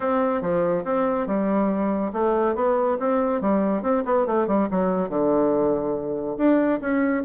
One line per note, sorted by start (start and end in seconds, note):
0.00 0.41 C4
0.41 0.84 F3
0.84 1.26 C4
1.26 2.11 G3
2.12 2.55 A3
2.55 2.97 B3
2.99 3.41 C4
3.41 3.82 G3
3.82 4.03 C4
4.05 4.26 B3
4.26 4.47 A3
4.47 4.68 G3
4.70 5.09 F#3
5.09 6.36 D3
6.37 6.80 D4
6.80 7.23 C#4